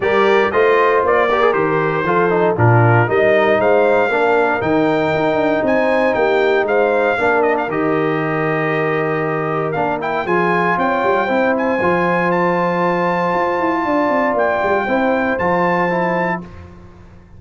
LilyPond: <<
  \new Staff \with { instrumentName = "trumpet" } { \time 4/4 \tempo 4 = 117 d''4 dis''4 d''4 c''4~ | c''4 ais'4 dis''4 f''4~ | f''4 g''2 gis''4 | g''4 f''4. dis''16 f''16 dis''4~ |
dis''2. f''8 g''8 | gis''4 g''4. gis''4. | a''1 | g''2 a''2 | }
  \new Staff \with { instrumentName = "horn" } { \time 4/4 ais'4 c''4. ais'4. | a'4 f'4 ais'4 c''4 | ais'2. c''4 | g'4 c''4 ais'2~ |
ais'1 | gis'4 cis''4 c''2~ | c''2. d''4~ | d''4 c''2. | }
  \new Staff \with { instrumentName = "trombone" } { \time 4/4 g'4 f'4. g'16 gis'16 g'4 | f'8 dis'8 d'4 dis'2 | d'4 dis'2.~ | dis'2 d'4 g'4~ |
g'2. d'8 e'8 | f'2 e'4 f'4~ | f'1~ | f'4 e'4 f'4 e'4 | }
  \new Staff \with { instrumentName = "tuba" } { \time 4/4 g4 a4 ais4 dis4 | f4 ais,4 g4 gis4 | ais4 dis4 dis'8 d'8 c'4 | ais4 gis4 ais4 dis4~ |
dis2. ais4 | f4 c'8 g8 c'4 f4~ | f2 f'8 e'8 d'8 c'8 | ais8 g8 c'4 f2 | }
>>